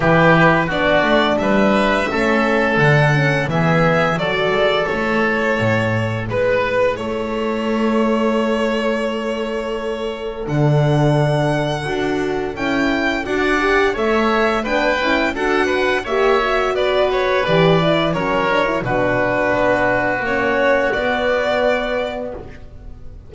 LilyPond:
<<
  \new Staff \with { instrumentName = "violin" } { \time 4/4 \tempo 4 = 86 b'4 d''4 e''2 | fis''4 e''4 d''4 cis''4~ | cis''4 b'4 cis''2~ | cis''2. fis''4~ |
fis''2 g''4 fis''4 | e''4 g''4 fis''4 e''4 | d''8 cis''8 d''4 cis''4 b'4~ | b'4 cis''4 d''2 | }
  \new Staff \with { instrumentName = "oboe" } { \time 4/4 g'4 fis'4 b'4 a'4~ | a'4 gis'4 a'2~ | a'4 b'4 a'2~ | a'1~ |
a'2. d''4 | cis''4 b'4 a'8 b'8 cis''4 | b'2 ais'4 fis'4~ | fis'1 | }
  \new Staff \with { instrumentName = "horn" } { \time 4/4 e'4 d'2 cis'4 | d'8 cis'8 b4 fis'4 e'4~ | e'1~ | e'2. d'4~ |
d'4 fis'4 e'4 fis'8 g'8 | a'4 d'8 e'8 fis'4 g'8 fis'8~ | fis'4 g'8 e'8 cis'8 d'16 e'16 d'4~ | d'4 cis'4 b2 | }
  \new Staff \with { instrumentName = "double bass" } { \time 4/4 e4 b8 a8 g4 a4 | d4 e4 fis8 gis8 a4 | a,4 gis4 a2~ | a2. d4~ |
d4 d'4 cis'4 d'4 | a4 b8 cis'8 d'4 ais4 | b4 e4 fis4 b,4 | b4 ais4 b2 | }
>>